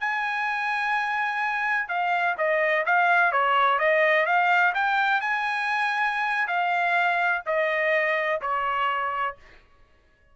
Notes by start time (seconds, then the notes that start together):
0.00 G#5
1.88 F5
2.38 D#5
2.86 F5
3.32 C#5
3.79 D#5
4.26 F5
4.74 G5
5.21 G#5
6.48 F5
7.46 D#5
8.42 C#5